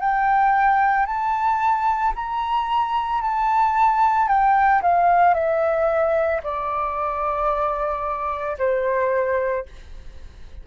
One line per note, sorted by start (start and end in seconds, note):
0.00 1.06 G5
1.06 2.13 A5
2.15 3.21 A#5
3.21 4.28 A5
4.28 4.81 G5
4.82 5.34 F5
5.34 6.41 E5
6.43 8.57 D5
8.58 9.65 C5